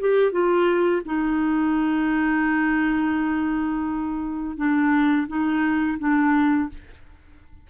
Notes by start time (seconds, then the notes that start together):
0.00 G4
0.31 F4
1.05 D#4
4.57 D4
5.28 D#4
5.99 D4